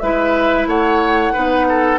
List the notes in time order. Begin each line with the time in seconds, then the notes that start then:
0.00 G#3 E4 B4 E5
0.67 A3 C#5 F#5
1.34 B3 D#4 B4
1.69 A4